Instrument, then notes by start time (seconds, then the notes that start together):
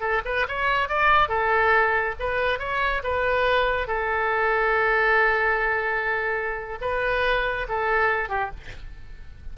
oboe
0.00 A4
0.25 B4
0.48 C#5
0.88 D5
1.28 A4
2.19 B4
2.59 C#5
3.03 B4
3.87 A4
6.81 B4
7.68 A4
8.29 G4